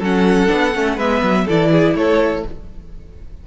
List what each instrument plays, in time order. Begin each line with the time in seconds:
0.00 cello F#3, viola C#4, violin A4 F#5
0.48 cello B3, viola D4
0.75 cello A3, viola C#4
0.96 cello G#3, viola B3, violin B4 E5
1.22 cello F#3
1.46 cello E3, viola E4, violin A4 D5
1.71 violin G#4
1.95 cello A3, violin A4 C#5